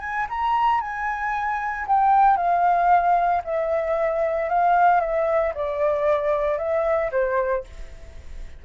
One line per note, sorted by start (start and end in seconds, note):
0.00 0.26 G#5
0.29 0.81 A#5
0.81 1.86 G#5
1.87 2.37 G5
2.37 3.42 F5
3.44 4.49 E5
4.49 5.00 F5
5.00 5.53 E5
5.55 6.58 D5
6.58 7.11 E5
7.11 7.64 C5